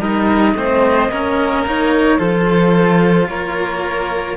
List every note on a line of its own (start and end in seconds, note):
0.00 0.54 G3
0.00 0.55 D#4
0.00 0.55 A#4
0.00 1.64 D#5
0.54 1.08 A3
0.54 1.11 C4
0.54 1.11 C5
1.08 2.17 A#3
1.08 1.66 C#4
1.08 2.18 A#4
1.67 2.18 D#4
1.67 2.19 C#5
2.18 3.29 F3
2.18 4.37 F4
2.18 3.27 A4
2.18 3.28 C5
3.28 4.37 A#3
3.28 4.37 A#4
3.28 4.37 C#5